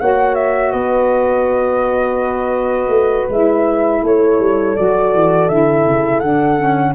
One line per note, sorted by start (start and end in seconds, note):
0.00 0.73 A#3
0.00 3.30 F#4
0.00 0.73 C#5
0.00 0.35 F#5
0.35 0.71 E5
0.71 2.88 B3
0.71 4.02 B4
0.71 3.27 D#5
2.88 3.25 A3
3.29 4.02 G#3
3.29 4.77 E4
3.29 4.05 E5
4.02 4.39 A3
4.02 6.95 A4
4.02 4.76 C#5
4.39 4.76 G3
4.76 5.14 F#3
4.76 5.49 F#4
4.76 5.49 D5
5.14 5.49 E3
5.49 5.86 D3
5.49 6.22 E4
5.49 6.20 E5
5.86 6.22 C#3
6.20 6.95 D3
6.20 6.58 D4
6.20 6.93 F#5
6.58 6.95 C#4